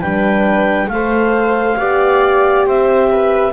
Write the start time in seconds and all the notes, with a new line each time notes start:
0.00 G3 D4 B4 G5
0.87 A3 A4 F5
0.94 C5
1.78 B3 G4 D5
2.66 C4 C5 E5
3.11 B4